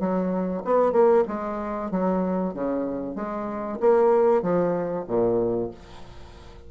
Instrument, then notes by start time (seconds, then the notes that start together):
bassoon
0.00 F#3
0.65 B3
0.92 A#3
1.28 G#3
1.91 F#3
2.54 C#3
3.16 G#3
3.81 A#3
4.42 F3
5.08 A#2